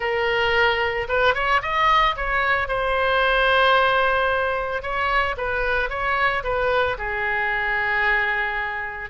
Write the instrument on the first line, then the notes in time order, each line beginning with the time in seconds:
oboe
0.00 A#4
1.08 B4
1.34 C#5
1.61 D#5
2.16 C#5
2.68 C5
4.82 C#5
5.37 B4
5.89 C#5
6.43 B4
6.97 G#4